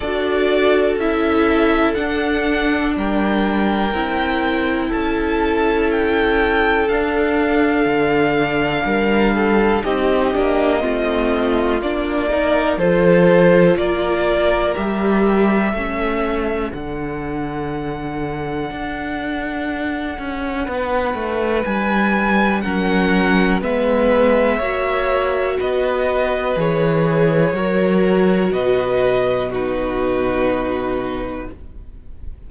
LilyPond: <<
  \new Staff \with { instrumentName = "violin" } { \time 4/4 \tempo 4 = 61 d''4 e''4 fis''4 g''4~ | g''4 a''4 g''4 f''4~ | f''2 dis''2 | d''4 c''4 d''4 e''4~ |
e''4 fis''2.~ | fis''2 gis''4 fis''4 | e''2 dis''4 cis''4~ | cis''4 dis''4 b'2 | }
  \new Staff \with { instrumentName = "violin" } { \time 4/4 a'2. ais'4~ | ais'4 a'2.~ | a'4 ais'8 a'8 g'4 f'4~ | f'8 ais'8 a'4 ais'2 |
a'1~ | a'4 b'2 ais'4 | b'4 cis''4 b'2 | ais'4 b'4 fis'2 | }
  \new Staff \with { instrumentName = "viola" } { \time 4/4 fis'4 e'4 d'2 | e'2. d'4~ | d'2 dis'8 d'8 c'4 | d'8 dis'8 f'2 g'4 |
cis'4 d'2.~ | d'2. cis'4 | b4 fis'2 gis'4 | fis'2 dis'2 | }
  \new Staff \with { instrumentName = "cello" } { \time 4/4 d'4 cis'4 d'4 g4 | c'4 cis'2 d'4 | d4 g4 c'8 ais8 a4 | ais4 f4 ais4 g4 |
a4 d2 d'4~ | d'8 cis'8 b8 a8 g4 fis4 | gis4 ais4 b4 e4 | fis4 b,2. | }
>>